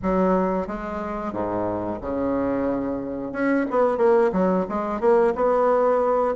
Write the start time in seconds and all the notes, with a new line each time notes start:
0.02 F#3
0.67 G#3
1.32 G#2
2.01 C#3
3.32 C#4
3.70 B3
3.97 A#3
4.32 F#3
4.68 G#3
5.00 A#3
5.35 B3